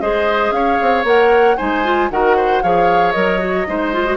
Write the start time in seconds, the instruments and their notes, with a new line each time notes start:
0.00 bassoon G#3, clarinet G#4, oboe C5, flute D#5
0.51 bassoon C#4, oboe C#5, flute F5
0.81 bassoon C4
1.03 bassoon A#3, clarinet A#4, flute F#5
1.57 bassoon G#3, clarinet D#4, oboe C5, flute G#5
1.83 clarinet F4
2.10 bassoon D#3, clarinet F#4, oboe A#4, flute F#5
2.36 oboe C5
2.62 bassoon F3, clarinet G#4, oboe C#5, flute F5
3.12 bassoon F#3, clarinet A#4, flute D#5
3.38 clarinet F#4
3.67 bassoon G#3, clarinet D#4, oboe C5
3.92 clarinet F4
4.05 clarinet F#4